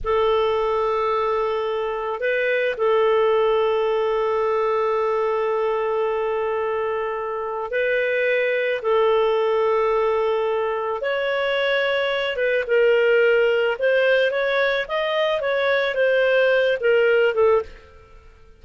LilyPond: \new Staff \with { instrumentName = "clarinet" } { \time 4/4 \tempo 4 = 109 a'1 | b'4 a'2.~ | a'1~ | a'2 b'2 |
a'1 | cis''2~ cis''8 b'8 ais'4~ | ais'4 c''4 cis''4 dis''4 | cis''4 c''4. ais'4 a'8 | }